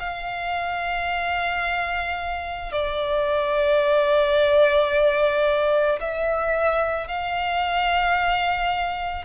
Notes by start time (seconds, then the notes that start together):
0.00 F5
2.72 D5
6.00 E5
7.08 F5